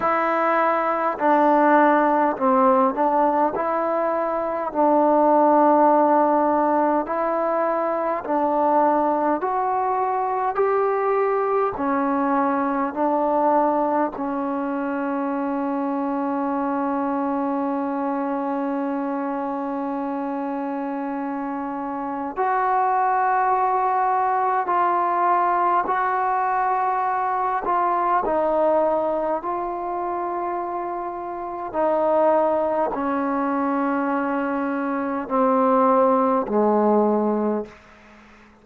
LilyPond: \new Staff \with { instrumentName = "trombone" } { \time 4/4 \tempo 4 = 51 e'4 d'4 c'8 d'8 e'4 | d'2 e'4 d'4 | fis'4 g'4 cis'4 d'4 | cis'1~ |
cis'2. fis'4~ | fis'4 f'4 fis'4. f'8 | dis'4 f'2 dis'4 | cis'2 c'4 gis4 | }